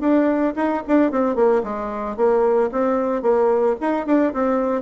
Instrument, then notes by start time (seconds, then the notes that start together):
bassoon
0.00 D4
0.56 D#4
0.87 D4
1.11 C4
1.35 A#3
1.63 G#3
2.16 A#3
2.72 C4
3.22 A#3
3.80 D#4
4.06 D4
4.33 C4